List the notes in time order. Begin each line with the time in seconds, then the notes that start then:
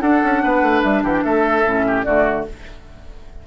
0.00 D4 A4 F#5
0.24 C#4
0.44 B3 B4
0.62 A3
0.82 G3 E5
1.03 E3 G4 F#5
1.12 G5
1.23 A3 A4 E5
1.65 A2 C#4
1.87 G4
2.03 D3 A3 F#4 D5